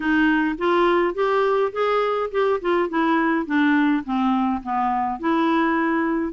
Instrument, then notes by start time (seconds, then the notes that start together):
clarinet
0.00 D#4
0.58 F4
1.14 G4
1.72 G#4
2.31 G4
2.61 F4
2.89 E4
3.46 D4
4.04 C4
4.62 B3
5.19 E4